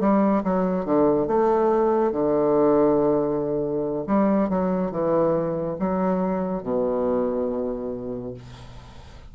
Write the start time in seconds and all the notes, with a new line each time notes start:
0.00 G3
0.44 F#3
0.85 D3
1.27 A3
2.12 D3
4.07 G3
4.49 F#3
4.91 E3
5.79 F#3
6.63 B2